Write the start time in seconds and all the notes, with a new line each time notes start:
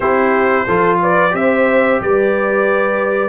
0.00 C4 E4 G4 C5
0.67 F3 F4 A4
1.01 B4 D5
1.30 C4 G4 C5 E5
2.00 G3 B4 D5